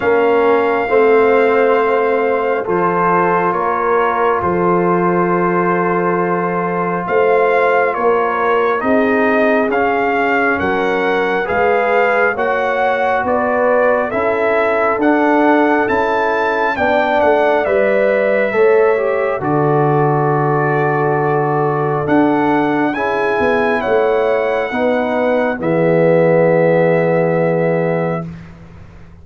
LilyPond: <<
  \new Staff \with { instrumentName = "trumpet" } { \time 4/4 \tempo 4 = 68 f''2. c''4 | cis''4 c''2. | f''4 cis''4 dis''4 f''4 | fis''4 f''4 fis''4 d''4 |
e''4 fis''4 a''4 g''8 fis''8 | e''2 d''2~ | d''4 fis''4 gis''4 fis''4~ | fis''4 e''2. | }
  \new Staff \with { instrumentName = "horn" } { \time 4/4 ais'4 c''2 a'4 | ais'4 a'2. | c''4 ais'4 gis'2 | ais'4 b'4 cis''4 b'4 |
a'2. d''4~ | d''4 cis''4 a'2~ | a'2 gis'4 cis''4 | b'4 gis'2. | }
  \new Staff \with { instrumentName = "trombone" } { \time 4/4 cis'4 c'2 f'4~ | f'1~ | f'2 dis'4 cis'4~ | cis'4 gis'4 fis'2 |
e'4 d'4 e'4 d'4 | b'4 a'8 g'8 fis'2~ | fis'4 d'4 e'2 | dis'4 b2. | }
  \new Staff \with { instrumentName = "tuba" } { \time 4/4 ais4 a2 f4 | ais4 f2. | a4 ais4 c'4 cis'4 | fis4 gis4 ais4 b4 |
cis'4 d'4 cis'4 b8 a8 | g4 a4 d2~ | d4 d'4 cis'8 b8 a4 | b4 e2. | }
>>